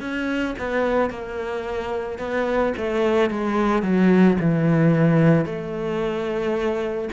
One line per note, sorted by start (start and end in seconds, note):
0.00 0.55 C#4
0.58 1.10 B3
1.10 2.18 A#3
2.18 2.73 B3
2.77 3.30 A3
3.30 3.82 G#3
3.82 4.37 F#3
4.40 5.45 E3
5.45 7.09 A3